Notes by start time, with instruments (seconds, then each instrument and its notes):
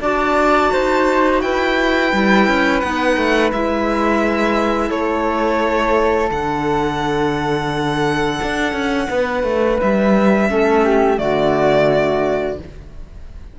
0.00 cello D4, clarinet F#4, flute D5, violin A5
0.72 cello D#4, flute C5
1.41 cello E4, flute B4, violin G5
2.12 cello G3, clarinet E4
2.47 cello C#4
2.80 cello B3, clarinet D#4, violin F#5
3.17 cello A3
3.52 cello G#3, clarinet E4, violin E5
4.88 cello A3, flute A4, violin C#5
6.29 cello D3, clarinet D4, violin F#5
8.42 cello D4
8.73 cello C#4
9.09 cello B3, flute B4
9.43 cello A3
9.80 cello G3, violin E5
10.47 cello A3, clarinet C#4, flute A4
10.84 flute G4
11.15 cello D3, clarinet A3, flute F#4, violin D5